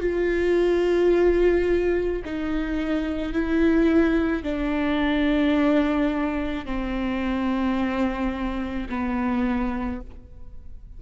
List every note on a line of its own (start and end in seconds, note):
0.00 2.22 F4
2.25 3.33 D#4
3.33 4.43 E4
4.43 6.66 D4
6.66 8.88 C4
8.89 10.01 B3